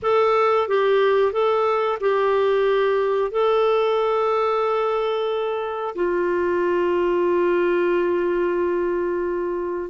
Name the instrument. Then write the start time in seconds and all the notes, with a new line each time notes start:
clarinet
0.02 A4
0.67 G4
1.32 A4
2.00 G4
3.31 A4
5.95 F4